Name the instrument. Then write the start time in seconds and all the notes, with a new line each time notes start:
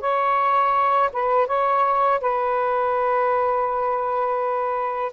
saxophone
0.00 C#5
1.12 B4
1.47 C#5
2.20 B4